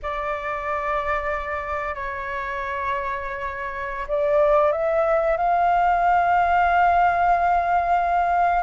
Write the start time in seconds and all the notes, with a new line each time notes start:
0.02 D5
1.94 C#5
4.07 D5
4.72 E5
5.37 F5